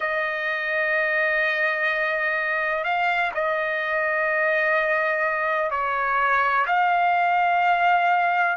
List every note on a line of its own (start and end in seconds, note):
0.00 2.84 D#5
2.84 3.31 F5
3.34 5.71 D#5
5.71 6.66 C#5
6.66 8.56 F5